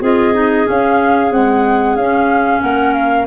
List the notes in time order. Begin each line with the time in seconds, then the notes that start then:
0.00 C4 F4 G#4 D#5
0.34 D#4
0.65 C#4 F5
1.31 G#3 C4 F#5
1.96 C#4 F5
2.61 A#3 A#4 F#5
2.93 F5